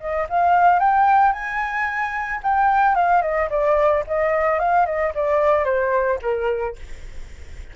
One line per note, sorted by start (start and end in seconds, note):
0.00 0.27 D#5
0.29 0.79 F5
0.79 1.32 G5
1.32 2.40 G#5
2.43 2.95 G5
2.95 3.22 F5
3.22 3.49 D#5
3.49 4.03 D5
4.07 4.59 D#5
4.59 4.86 F5
4.86 5.13 D#5
5.14 5.65 D5
5.65 6.19 C5
6.22 6.76 A#4